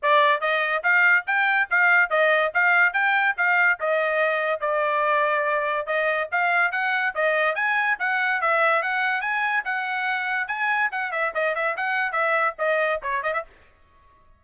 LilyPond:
\new Staff \with { instrumentName = "trumpet" } { \time 4/4 \tempo 4 = 143 d''4 dis''4 f''4 g''4 | f''4 dis''4 f''4 g''4 | f''4 dis''2 d''4~ | d''2 dis''4 f''4 |
fis''4 dis''4 gis''4 fis''4 | e''4 fis''4 gis''4 fis''4~ | fis''4 gis''4 fis''8 e''8 dis''8 e''8 | fis''4 e''4 dis''4 cis''8 dis''16 e''16 | }